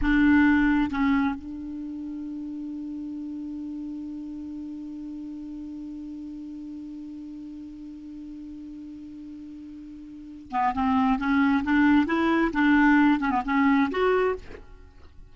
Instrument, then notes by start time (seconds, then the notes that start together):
clarinet
0.01 D4
0.90 C#4
1.35 D4
10.51 B3
10.74 C4
11.18 C#4
11.64 D4
12.06 E4
12.52 D4
13.19 C#4
13.30 B3
13.45 C#4
13.90 F#4